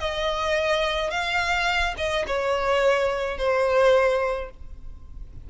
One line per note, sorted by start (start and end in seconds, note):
0.00 1.11 D#5
1.11 1.95 F5
1.98 2.26 D#5
2.27 3.38 C#5
3.38 4.50 C5